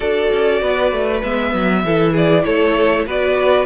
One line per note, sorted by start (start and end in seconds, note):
0.00 0.30 D4
0.00 1.21 F#4
0.00 0.61 A4
0.00 1.21 D5
0.31 0.61 C#4
0.61 0.92 B3
0.61 1.83 B4
0.92 1.22 A3
1.23 1.53 G#3
1.23 1.85 B3
1.23 2.15 E5
1.53 1.83 F#3
1.83 2.44 E3
1.83 3.07 E4
1.83 2.12 A4
2.12 2.43 G#4
2.12 2.44 D5
2.44 3.06 A3
2.44 3.05 A4
2.44 3.05 C#5
3.05 3.65 B3
3.05 3.65 F#4
3.05 3.65 B4
3.05 3.65 D5